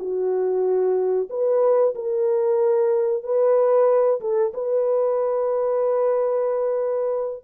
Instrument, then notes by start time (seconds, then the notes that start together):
horn
0.00 F#4
1.30 B4
1.96 A#4
3.24 B4
4.21 A4
4.54 B4